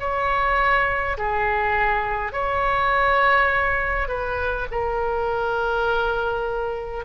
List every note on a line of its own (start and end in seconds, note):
0.00 1.18 C#5
1.18 2.33 G#4
2.33 4.09 C#5
4.09 4.67 B4
4.72 7.05 A#4